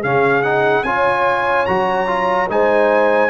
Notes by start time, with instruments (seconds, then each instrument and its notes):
0.00 tuba C#3, trombone C#4, horn G#4, trumpet F5
0.42 trombone D#4, trumpet F#5
0.83 tuba C#4, trombone F4, horn C#5, trumpet G#5
1.65 tuba F#3, trombone F#4, trumpet A#5
2.07 trombone F4
2.49 tuba G#3, trombone D#4, horn C5, trumpet G#5